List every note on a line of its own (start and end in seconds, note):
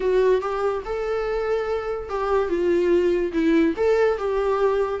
0.00 0.41 F#4
0.41 0.83 G4
0.85 2.09 A4
2.09 2.48 G4
2.48 3.32 F4
3.32 3.74 E4
3.77 4.18 A4
4.18 5.00 G4